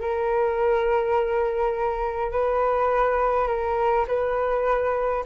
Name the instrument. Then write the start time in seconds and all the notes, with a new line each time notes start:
flute
0.00 A#4
2.32 B4
3.47 A#4
4.08 B4